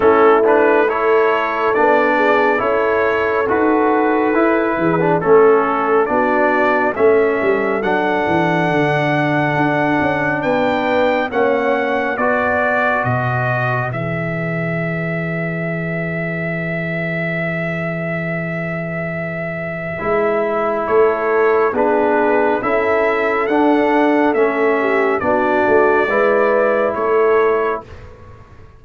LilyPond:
<<
  \new Staff \with { instrumentName = "trumpet" } { \time 4/4 \tempo 4 = 69 a'8 b'8 cis''4 d''4 cis''4 | b'2 a'4 d''4 | e''4 fis''2. | g''4 fis''4 d''4 dis''4 |
e''1~ | e''1 | cis''4 b'4 e''4 fis''4 | e''4 d''2 cis''4 | }
  \new Staff \with { instrumentName = "horn" } { \time 4/4 e'4 a'4. gis'8 a'4~ | a'4. gis'8 a'4 fis'4 | a'1 | b'4 cis''4 b'2~ |
b'1~ | b'1 | a'4 gis'4 a'2~ | a'8 g'8 fis'4 b'4 a'4 | }
  \new Staff \with { instrumentName = "trombone" } { \time 4/4 cis'8 d'8 e'4 d'4 e'4 | fis'4 e'8. d'16 cis'4 d'4 | cis'4 d'2.~ | d'4 cis'4 fis'2 |
gis'1~ | gis'2. e'4~ | e'4 d'4 e'4 d'4 | cis'4 d'4 e'2 | }
  \new Staff \with { instrumentName = "tuba" } { \time 4/4 a2 b4 cis'4 | dis'4 e'8 e8 a4 b4 | a8 g8 fis8 e8 d4 d'8 cis'8 | b4 ais4 b4 b,4 |
e1~ | e2. gis4 | a4 b4 cis'4 d'4 | a4 b8 a8 gis4 a4 | }
>>